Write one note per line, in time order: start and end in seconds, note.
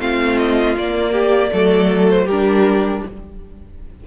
0.00 0.76 A3
0.00 0.76 C4
0.00 1.13 F4
0.00 0.38 F5
0.38 0.76 D#5
0.76 1.52 A#3
0.76 1.51 A#3
0.76 2.10 D5
1.13 1.51 G4
1.51 2.27 F#3
1.51 2.27 A3
1.51 2.25 A4
2.10 2.28 C5
2.25 3.03 G3
2.25 3.01 G4
2.25 3.04 A#4
2.31 3.07 D4